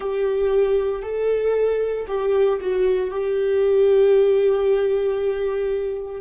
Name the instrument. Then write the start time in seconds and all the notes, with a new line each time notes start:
viola
0.00 G4
1.02 A4
2.07 G4
2.60 F#4
3.10 G4